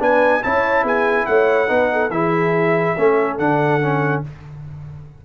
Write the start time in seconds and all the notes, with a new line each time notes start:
0.00 B3 D4 B4 G#5
0.43 C#4 E4 C#5 A5
0.84 B3 G#4 G#5
1.26 A3 C#5 F#5
1.68 B3 D#4 B4
1.93 A4
2.10 E3 E4 G#4 E5
2.97 A3 C#4 A4
3.39 D3 D4 F#5
3.82 C#4